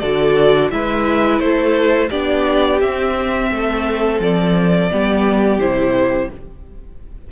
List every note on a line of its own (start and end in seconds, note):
0.00 0.72 D3
0.00 0.72 F#4
0.00 0.71 A4
0.00 0.70 D5
0.71 1.40 G#3
0.71 2.11 E4
0.71 1.44 B4
0.71 1.40 E5
1.40 2.10 A3
1.40 2.10 A4
1.40 2.10 C5
2.10 2.82 B3
2.10 2.81 D4
2.10 3.50 G4
2.10 2.80 D5
2.81 3.51 C4
2.81 4.91 C4
2.81 4.20 E5
3.51 4.20 A3
3.51 4.92 A4
4.20 4.90 F3
4.20 5.60 D5
4.91 5.60 G3
4.91 5.60 B3
4.91 6.32 G4
5.60 6.29 C3
5.60 6.30 E4
5.60 6.30 C5